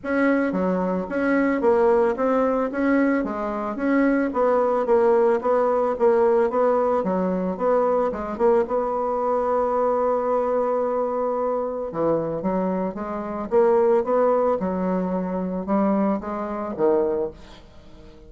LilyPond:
\new Staff \with { instrumentName = "bassoon" } { \time 4/4 \tempo 4 = 111 cis'4 fis4 cis'4 ais4 | c'4 cis'4 gis4 cis'4 | b4 ais4 b4 ais4 | b4 fis4 b4 gis8 ais8 |
b1~ | b2 e4 fis4 | gis4 ais4 b4 fis4~ | fis4 g4 gis4 dis4 | }